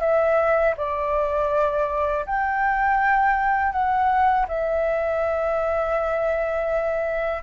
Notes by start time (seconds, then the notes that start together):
0.00 E5
0.77 D5
2.26 G5
3.72 F#5
4.48 E5